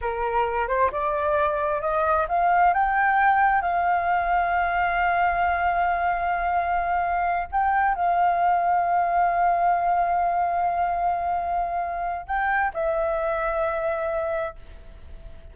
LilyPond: \new Staff \with { instrumentName = "flute" } { \time 4/4 \tempo 4 = 132 ais'4. c''8 d''2 | dis''4 f''4 g''2 | f''1~ | f''1~ |
f''8 g''4 f''2~ f''8~ | f''1~ | f''2. g''4 | e''1 | }